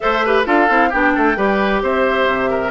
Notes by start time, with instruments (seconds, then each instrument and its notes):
0.00 bassoon A3, clarinet A4, oboe C5, flute E5
0.25 clarinet G4, oboe B4
0.45 bassoon D4, clarinet F4, oboe A4, flute F5
0.69 bassoon C4, clarinet E4
0.89 bassoon B3, clarinet D4, oboe G4, flute G5
1.15 bassoon A3, oboe A4
1.36 bassoon G3, clarinet G4, oboe B4
1.82 bassoon C4, oboe C5, flute E5
2.26 bassoon C3
2.50 oboe A#4